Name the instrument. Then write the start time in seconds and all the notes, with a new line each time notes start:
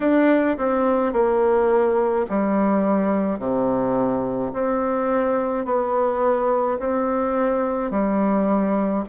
bassoon
0.00 D4
0.57 C4
1.12 A#3
2.30 G3
3.38 C3
4.53 C4
5.65 B3
6.79 C4
7.90 G3